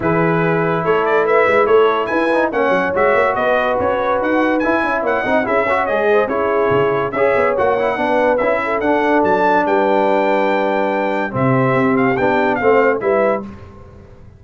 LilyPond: <<
  \new Staff \with { instrumentName = "trumpet" } { \time 4/4 \tempo 4 = 143 b'2 cis''8 d''8 e''4 | cis''4 gis''4 fis''4 e''4 | dis''4 cis''4 fis''4 gis''4 | fis''4 e''4 dis''4 cis''4~ |
cis''4 e''4 fis''2 | e''4 fis''4 a''4 g''4~ | g''2. e''4~ | e''8 f''8 g''4 f''4 e''4 | }
  \new Staff \with { instrumentName = "horn" } { \time 4/4 gis'2 a'4 b'4 | a'4 b'4 cis''2 | b'2.~ b'8 e''8 | cis''8 dis''8 gis'8 cis''4 c''8 gis'4~ |
gis'4 cis''2 b'4~ | b'8 a'2~ a'8 b'4~ | b'2. g'4~ | g'2 c''4 b'4 | }
  \new Staff \with { instrumentName = "trombone" } { \time 4/4 e'1~ | e'4. dis'8 cis'4 fis'4~ | fis'2. e'4~ | e'8 dis'8 e'8 fis'8 gis'4 e'4~ |
e'4 gis'4 fis'8 e'8 d'4 | e'4 d'2.~ | d'2. c'4~ | c'4 d'4 c'4 e'4 | }
  \new Staff \with { instrumentName = "tuba" } { \time 4/4 e2 a4. gis8 | a4 e'4 ais8 fis8 gis8 ais8 | b4 cis'4 dis'4 e'8 cis'8 | ais8 c'8 cis'4 gis4 cis'4 |
cis4 cis'8 b8 ais4 b4 | cis'4 d'4 fis4 g4~ | g2. c4 | c'4 b4 a4 g4 | }
>>